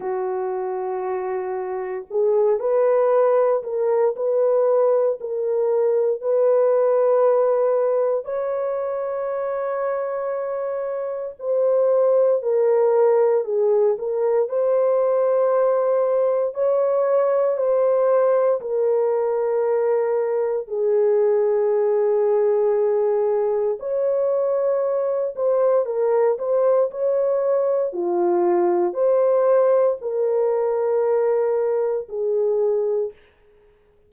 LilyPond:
\new Staff \with { instrumentName = "horn" } { \time 4/4 \tempo 4 = 58 fis'2 gis'8 b'4 ais'8 | b'4 ais'4 b'2 | cis''2. c''4 | ais'4 gis'8 ais'8 c''2 |
cis''4 c''4 ais'2 | gis'2. cis''4~ | cis''8 c''8 ais'8 c''8 cis''4 f'4 | c''4 ais'2 gis'4 | }